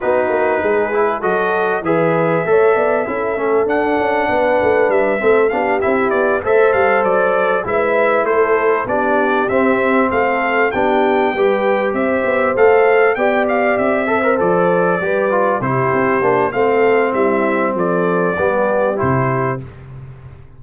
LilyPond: <<
  \new Staff \with { instrumentName = "trumpet" } { \time 4/4 \tempo 4 = 98 b'2 dis''4 e''4~ | e''2 fis''2 | e''4 f''8 e''8 d''8 e''8 f''8 d''8~ | d''8 e''4 c''4 d''4 e''8~ |
e''8 f''4 g''2 e''8~ | e''8 f''4 g''8 f''8 e''4 d''8~ | d''4. c''4. f''4 | e''4 d''2 c''4 | }
  \new Staff \with { instrumentName = "horn" } { \time 4/4 fis'4 gis'4 a'4 b'4 | cis''8 d''8 a'2 b'4~ | b'8 a'8 g'4. c''4.~ | c''8 b'4 a'4 g'4.~ |
g'8 a'4 g'4 b'4 c''8~ | c''4. d''4. c''4~ | c''8 b'4 g'4. a'4 | e'4 a'4 g'2 | }
  \new Staff \with { instrumentName = "trombone" } { \time 4/4 dis'4. e'8 fis'4 gis'4 | a'4 e'8 cis'8 d'2~ | d'8 c'8 d'8 e'4 a'4.~ | a'8 e'2 d'4 c'8~ |
c'4. d'4 g'4.~ | g'8 a'4 g'4. a'16 ais'16 a'8~ | a'8 g'8 f'8 e'4 d'8 c'4~ | c'2 b4 e'4 | }
  \new Staff \with { instrumentName = "tuba" } { \time 4/4 b8 ais8 gis4 fis4 e4 | a8 b8 cis'8 a8 d'8 cis'8 b8 a8 | g8 a8 b8 c'8 b8 a8 g8 fis8~ | fis8 gis4 a4 b4 c'8~ |
c'8 a4 b4 g4 c'8 | b8 a4 b4 c'4 f8~ | f8 g4 c8 c'8 ais8 a4 | g4 f4 g4 c4 | }
>>